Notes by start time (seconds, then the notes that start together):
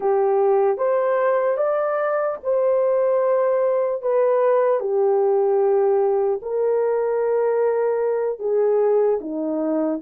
0.00 G4
0.77 C5
1.57 D5
2.43 C5
4.02 B4
4.80 G4
6.42 A#4
8.39 G#4
9.20 D#4